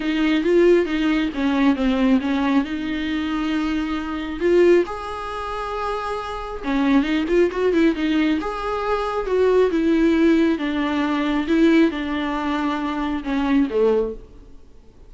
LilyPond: \new Staff \with { instrumentName = "viola" } { \time 4/4 \tempo 4 = 136 dis'4 f'4 dis'4 cis'4 | c'4 cis'4 dis'2~ | dis'2 f'4 gis'4~ | gis'2. cis'4 |
dis'8 f'8 fis'8 e'8 dis'4 gis'4~ | gis'4 fis'4 e'2 | d'2 e'4 d'4~ | d'2 cis'4 a4 | }